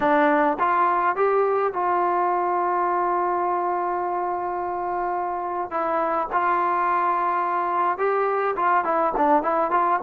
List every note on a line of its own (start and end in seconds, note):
0.00 0.57 D4
0.59 1.16 F4
1.16 1.73 G4
1.73 5.70 F4
5.70 6.28 E4
6.32 7.98 F4
7.98 8.55 G4
8.56 8.84 F4
8.84 9.12 E4
9.16 9.42 D4
9.42 9.70 E4
9.70 9.99 F4